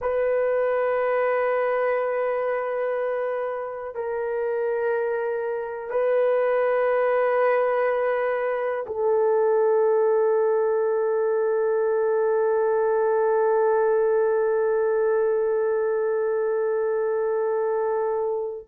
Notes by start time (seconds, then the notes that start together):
0.01 B4
3.94 A#4
5.90 B4
8.86 A4